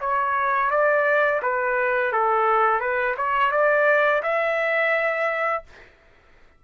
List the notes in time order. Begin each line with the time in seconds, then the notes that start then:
0.00 C#5
0.70 D5
1.42 B4
2.12 A4
2.80 B4
3.17 C#5
3.51 D5
4.23 E5